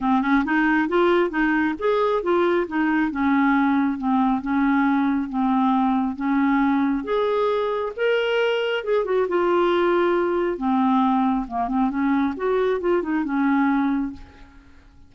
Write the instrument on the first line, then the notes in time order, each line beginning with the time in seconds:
clarinet
0.00 C4
0.21 C#4
0.45 D#4
0.88 F4
1.30 D#4
1.79 G#4
2.22 F4
2.67 D#4
3.11 C#4
3.98 C4
4.41 C#4
5.29 C4
6.15 C#4
7.04 G#4
7.96 A#4
8.84 G#4
9.05 F#4
9.28 F4
10.57 C4
11.47 A#3
11.68 C4
11.90 C#4
12.36 F#4
12.80 F4
13.02 D#4
13.24 C#4